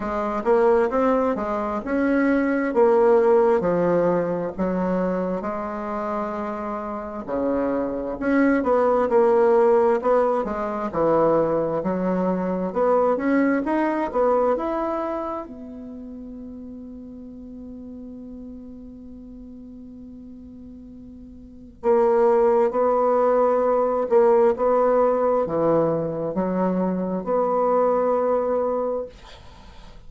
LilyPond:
\new Staff \with { instrumentName = "bassoon" } { \time 4/4 \tempo 4 = 66 gis8 ais8 c'8 gis8 cis'4 ais4 | f4 fis4 gis2 | cis4 cis'8 b8 ais4 b8 gis8 | e4 fis4 b8 cis'8 dis'8 b8 |
e'4 b2.~ | b1 | ais4 b4. ais8 b4 | e4 fis4 b2 | }